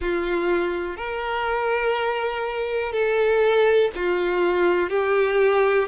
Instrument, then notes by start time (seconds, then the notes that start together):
violin
0.00 F4
0.96 A#4
2.92 A4
3.95 F4
4.89 G4